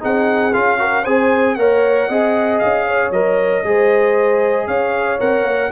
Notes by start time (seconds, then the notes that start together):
0.00 C4 D#4 G#4 F#5
0.53 C#4 F4 F5
0.78 F#4 A#4
1.03 C4 G#4 C5 G#5
1.55 A#3 A#4 C#5 F#5
2.09 C4 G#4 D#5
2.59 C#4 F5
2.87 C#5
3.10 F#3 A#4 D#5
3.63 G#3 G#4 C5
4.67 C#4 C#5 F5
5.19 C4 A#4 F#5
5.43 A#3